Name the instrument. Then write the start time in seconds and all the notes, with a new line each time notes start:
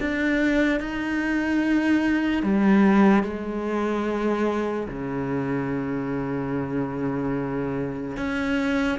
cello
0.00 D4
0.80 D#4
2.42 G3
3.23 G#3
4.88 C#3
8.16 C#4